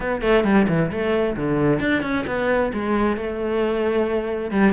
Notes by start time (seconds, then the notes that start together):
0.00 B3
0.21 A3
0.44 G3
0.68 E3
0.91 A3
1.36 D3
1.79 D4
2.02 C#4
2.27 B3
2.73 G#3
3.17 A3
4.51 G3